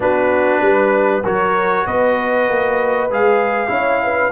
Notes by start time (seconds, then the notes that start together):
0.00 B3 D4 F#4 B4
0.61 G3 B4
1.23 F#3 F#4 A#4 C#5
1.86 B3 B4 D#5
2.49 A#3
3.10 G#3 G#4 F5
3.67 C#4 E4 C#5
4.03 B4